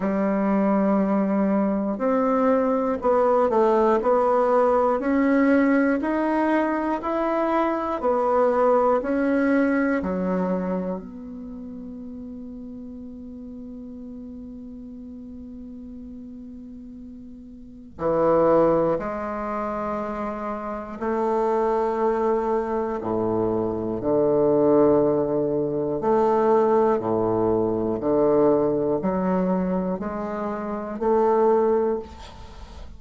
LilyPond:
\new Staff \with { instrumentName = "bassoon" } { \time 4/4 \tempo 4 = 60 g2 c'4 b8 a8 | b4 cis'4 dis'4 e'4 | b4 cis'4 fis4 b4~ | b1~ |
b2 e4 gis4~ | gis4 a2 a,4 | d2 a4 a,4 | d4 fis4 gis4 a4 | }